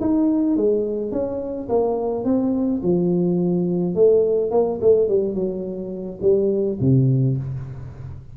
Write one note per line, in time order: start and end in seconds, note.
0.00 0.56 D#4
0.56 1.11 G#3
1.11 1.68 C#4
1.69 2.24 A#3
2.24 2.81 C4
2.83 3.94 F3
3.94 4.51 A3
4.51 4.79 A#3
4.81 5.08 A3
5.08 5.34 G3
5.34 6.19 F#3
6.21 6.78 G3
6.80 7.37 C3